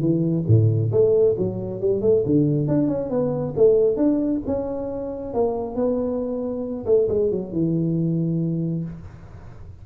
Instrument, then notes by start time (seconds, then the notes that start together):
tuba
0.00 E3
0.47 A2
0.92 A3
1.38 F#3
1.80 G3
2.01 A3
2.26 D3
2.68 D4
2.88 C#4
3.10 B3
3.56 A3
3.96 D4
4.46 C#4
5.33 A#3
5.75 B3
6.86 A3
7.08 G#3
7.31 F#3
7.52 E3